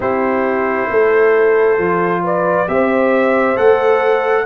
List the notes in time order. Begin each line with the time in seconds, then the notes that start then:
0.00 C4 E4 G4 C5
0.89 A3 A4
1.77 F3 F4
2.23 B4 D5
2.67 C4 G4 C5 E5
3.55 A3 A4 F#5